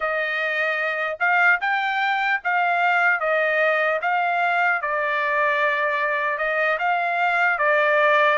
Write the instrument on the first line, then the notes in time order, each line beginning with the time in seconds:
trumpet
0.00 D#5
1.19 F5
1.60 G5
2.44 F5
3.20 D#5
4.01 F5
4.81 D5
6.37 D#5
6.78 F5
7.58 D5